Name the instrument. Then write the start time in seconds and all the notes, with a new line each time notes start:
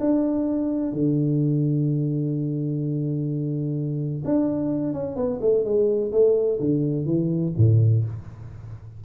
tuba
0.00 D4
0.93 D3
4.25 D4
4.93 C#4
5.16 B3
5.41 A3
5.65 G#3
6.12 A3
6.59 D3
7.05 E3
7.57 A2